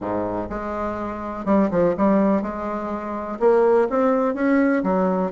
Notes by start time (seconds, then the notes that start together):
0.00 G#2
0.49 G#3
1.45 G3
1.70 F3
1.97 G3
2.41 G#3
3.39 A#3
3.89 C4
4.34 C#4
4.83 F#3